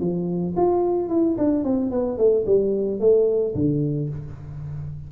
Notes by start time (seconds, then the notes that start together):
0.00 F3
0.57 F4
1.09 E4
1.38 D4
1.64 C4
1.91 B3
2.18 A3
2.46 G3
3.00 A3
3.55 D3